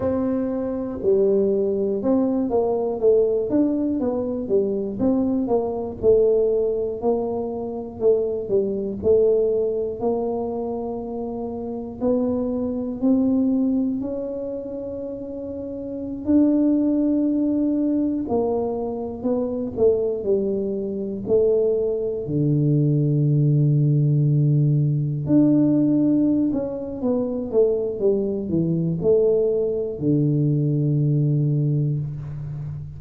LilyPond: \new Staff \with { instrumentName = "tuba" } { \time 4/4 \tempo 4 = 60 c'4 g4 c'8 ais8 a8 d'8 | b8 g8 c'8 ais8 a4 ais4 | a8 g8 a4 ais2 | b4 c'4 cis'2~ |
cis'16 d'2 ais4 b8 a16~ | a16 g4 a4 d4.~ d16~ | d4~ d16 d'4~ d'16 cis'8 b8 a8 | g8 e8 a4 d2 | }